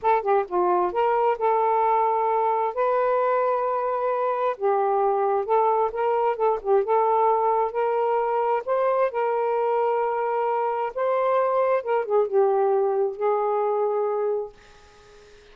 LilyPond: \new Staff \with { instrumentName = "saxophone" } { \time 4/4 \tempo 4 = 132 a'8 g'8 f'4 ais'4 a'4~ | a'2 b'2~ | b'2 g'2 | a'4 ais'4 a'8 g'8 a'4~ |
a'4 ais'2 c''4 | ais'1 | c''2 ais'8 gis'8 g'4~ | g'4 gis'2. | }